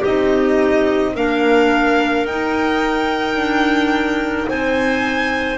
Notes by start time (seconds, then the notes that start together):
0.00 C4 D#4 G4 D#5
1.15 A#3 D4 A#4 F5
2.25 D#4 G5
3.35 D4
4.48 C4 C5 G#5